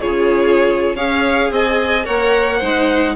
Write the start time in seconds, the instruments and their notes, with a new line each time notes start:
0.00 bassoon C#3, viola F4, violin G#4 C#5
0.94 bassoon C#4, viola G#4, violin C#5 F5
1.50 bassoon C4, violin D#5 G#5
2.03 bassoon A#3, viola A#4, violin C#5 F#5
2.57 bassoon G#3, viola D#4, violin C5